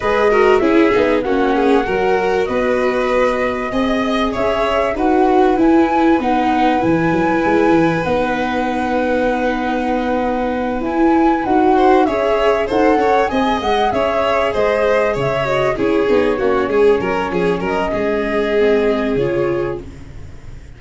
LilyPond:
<<
  \new Staff \with { instrumentName = "flute" } { \time 4/4 \tempo 4 = 97 dis''4 e''4 fis''2 | dis''2. e''4 | fis''4 gis''4 fis''4 gis''4~ | gis''4 fis''2.~ |
fis''4. gis''4 fis''4 e''8~ | e''8 fis''4 gis''8 fis''8 e''4 dis''8~ | dis''8 e''8 dis''8 cis''2~ cis''8~ | cis''8 dis''2~ dis''8 cis''4 | }
  \new Staff \with { instrumentName = "violin" } { \time 4/4 b'8 ais'8 gis'4 fis'8 gis'8 ais'4 | b'2 dis''4 cis''4 | b'1~ | b'1~ |
b'2. c''8 cis''8~ | cis''8 c''8 cis''8 dis''4 cis''4 c''8~ | c''8 cis''4 gis'4 fis'8 gis'8 ais'8 | gis'8 ais'8 gis'2. | }
  \new Staff \with { instrumentName = "viola" } { \time 4/4 gis'8 fis'8 e'8 dis'8 cis'4 fis'4~ | fis'2 gis'2 | fis'4 e'4 dis'4 e'4~ | e'4 dis'2.~ |
dis'4. e'4 fis'4 gis'8~ | gis'8 a'4 gis'2~ gis'8~ | gis'4 fis'8 e'8 dis'8 cis'4.~ | cis'2 c'4 f'4 | }
  \new Staff \with { instrumentName = "tuba" } { \time 4/4 gis4 cis'8 b8 ais4 fis4 | b2 c'4 cis'4 | dis'4 e'4 b4 e8 fis8 | gis8 e8 b2.~ |
b4. e'4 dis'4 cis'8~ | cis'8 dis'8 cis'8 c'8 gis8 cis'4 gis8~ | gis8 cis4 cis'8 b8 ais8 gis8 fis8 | f8 fis8 gis2 cis4 | }
>>